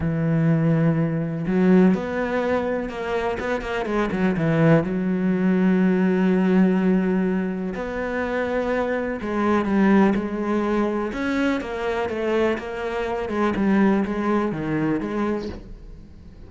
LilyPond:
\new Staff \with { instrumentName = "cello" } { \time 4/4 \tempo 4 = 124 e2. fis4 | b2 ais4 b8 ais8 | gis8 fis8 e4 fis2~ | fis1 |
b2. gis4 | g4 gis2 cis'4 | ais4 a4 ais4. gis8 | g4 gis4 dis4 gis4 | }